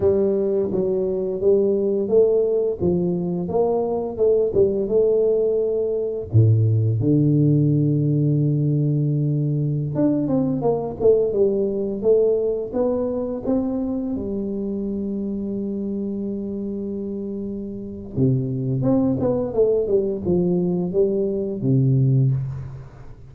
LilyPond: \new Staff \with { instrumentName = "tuba" } { \time 4/4 \tempo 4 = 86 g4 fis4 g4 a4 | f4 ais4 a8 g8 a4~ | a4 a,4 d2~ | d2~ d16 d'8 c'8 ais8 a16~ |
a16 g4 a4 b4 c'8.~ | c'16 g2.~ g8.~ | g2 c4 c'8 b8 | a8 g8 f4 g4 c4 | }